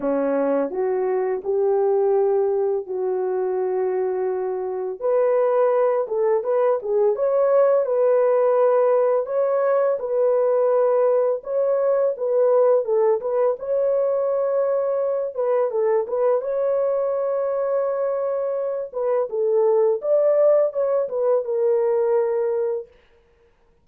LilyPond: \new Staff \with { instrumentName = "horn" } { \time 4/4 \tempo 4 = 84 cis'4 fis'4 g'2 | fis'2. b'4~ | b'8 a'8 b'8 gis'8 cis''4 b'4~ | b'4 cis''4 b'2 |
cis''4 b'4 a'8 b'8 cis''4~ | cis''4. b'8 a'8 b'8 cis''4~ | cis''2~ cis''8 b'8 a'4 | d''4 cis''8 b'8 ais'2 | }